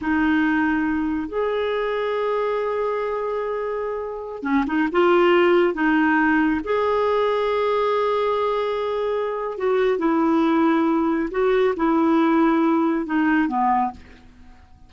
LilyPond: \new Staff \with { instrumentName = "clarinet" } { \time 4/4 \tempo 4 = 138 dis'2. gis'4~ | gis'1~ | gis'2~ gis'16 cis'8 dis'8 f'8.~ | f'4~ f'16 dis'2 gis'8.~ |
gis'1~ | gis'2 fis'4 e'4~ | e'2 fis'4 e'4~ | e'2 dis'4 b4 | }